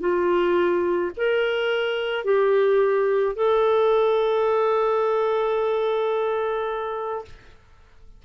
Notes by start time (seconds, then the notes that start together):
0.00 F4
1.17 A#4
2.24 G4
3.35 A4